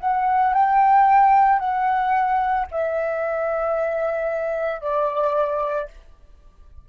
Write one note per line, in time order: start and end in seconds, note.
0.00 0.53 F#5
0.53 1.59 G5
1.59 2.66 F#5
2.71 4.81 E5
4.81 5.88 D5